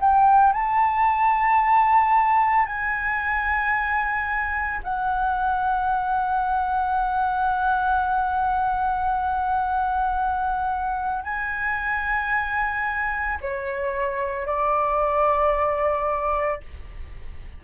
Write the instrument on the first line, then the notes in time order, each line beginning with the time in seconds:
flute
0.00 G5
0.53 A5
2.66 G#5
4.84 F#5
11.24 G#5
13.41 C#5
14.46 D5